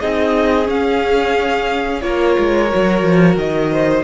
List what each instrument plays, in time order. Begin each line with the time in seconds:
0.00 cello C4, viola D#4, violin G#4 D#5
0.66 viola C#4, cello C#4, violin F5
2.02 cello A#3, viola F4, violin A#4 C#5
2.39 cello G#3
2.70 cello F#3, viola F#4
3.03 cello F3
3.36 cello D#3, violin D#5
3.72 violin C5